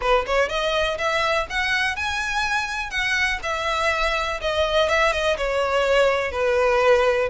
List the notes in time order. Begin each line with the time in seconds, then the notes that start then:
0.01 B4
0.26 C#5
0.49 D#5
0.98 E5
1.49 F#5
1.96 G#5
2.90 F#5
3.42 E5
4.41 D#5
4.88 E5
5.12 D#5
5.37 C#5
6.31 B4